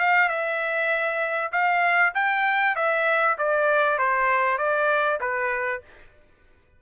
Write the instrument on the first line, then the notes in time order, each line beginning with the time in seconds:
trumpet
0.00 F5
0.29 E5
1.53 F5
2.15 G5
2.76 E5
3.38 D5
3.99 C5
4.58 D5
5.21 B4